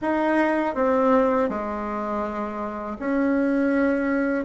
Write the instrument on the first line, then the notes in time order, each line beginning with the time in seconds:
bassoon
0.01 D#4
0.74 C4
1.48 G#3
2.99 C#4